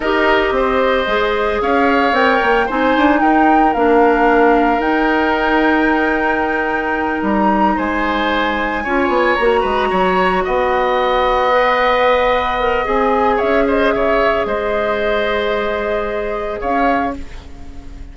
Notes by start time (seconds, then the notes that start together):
0.00 D#4 G4 A#4 D#5
0.51 C4 C5
1.06 G#3 G#4
1.61 C#4 C#5 F5
2.12 C4 A#4 G5
2.41 A#3
2.66 C4 D#4 C5 G#5
2.97 D4
3.20 D#4 A#4 G5
3.73 A#3 D4 F5
4.78 D#4 G5
7.22 G3 A#5
7.76 G#3 C5 G#5
8.83 C#4 F4 C#5
9.08 B3
9.35 A#3 F#4 A#5
9.60 G#3 B4
9.90 F#3 C#5
10.44 B3 D#5 F#5
11.51 B4
12.59 A#4
12.84 C4 G#4 G#5
13.36 C#5 E5
13.42 C#4
13.67 C5 D#5
13.91 C#3 C#5 E5
14.45 G#3 C5 D#5
16.59 C#4 C#5 F5